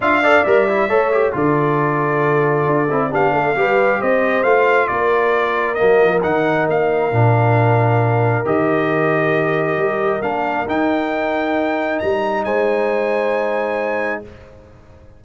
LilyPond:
<<
  \new Staff \with { instrumentName = "trumpet" } { \time 4/4 \tempo 4 = 135 f''4 e''2 d''4~ | d''2. f''4~ | f''4 dis''4 f''4 d''4~ | d''4 dis''4 fis''4 f''4~ |
f''2. dis''4~ | dis''2. f''4 | g''2. ais''4 | gis''1 | }
  \new Staff \with { instrumentName = "horn" } { \time 4/4 e''8 d''4. cis''4 a'4~ | a'2. g'8 a'8 | b'4 c''2 ais'4~ | ais'1~ |
ais'1~ | ais'1~ | ais'1 | c''1 | }
  \new Staff \with { instrumentName = "trombone" } { \time 4/4 f'8 a'8 ais'8 e'8 a'8 g'8 f'4~ | f'2~ f'8 e'8 d'4 | g'2 f'2~ | f'4 ais4 dis'2 |
d'2. g'4~ | g'2. d'4 | dis'1~ | dis'1 | }
  \new Staff \with { instrumentName = "tuba" } { \time 4/4 d'4 g4 a4 d4~ | d2 d'8 c'8 b8 a8 | g4 c'4 a4 ais4~ | ais4 fis8 f8 dis4 ais4 |
ais,2. dis4~ | dis2 g4 ais4 | dis'2. g4 | gis1 | }
>>